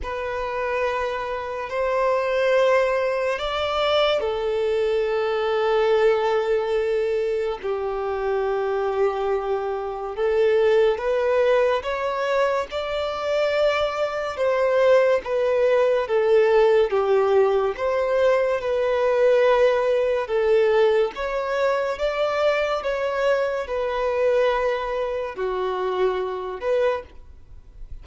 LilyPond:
\new Staff \with { instrumentName = "violin" } { \time 4/4 \tempo 4 = 71 b'2 c''2 | d''4 a'2.~ | a'4 g'2. | a'4 b'4 cis''4 d''4~ |
d''4 c''4 b'4 a'4 | g'4 c''4 b'2 | a'4 cis''4 d''4 cis''4 | b'2 fis'4. b'8 | }